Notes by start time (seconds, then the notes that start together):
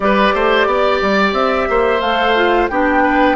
0.00 G3 G4 B4 D5
0.33 A3 C5
0.66 B3 D5
1.01 G3
1.32 C4 E5
1.69 A#3 C5
2.00 A3 A4 F5
2.35 F4
2.68 B3 D4 G4 G5
3.02 B4